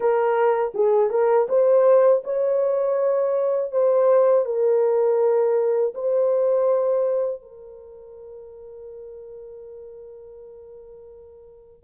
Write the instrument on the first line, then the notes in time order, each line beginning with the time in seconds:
horn
0.00 A#4
0.74 G#4
1.10 A#4
1.48 C5
2.24 C#5
3.71 C5
4.45 A#4
5.94 C5
7.42 A#4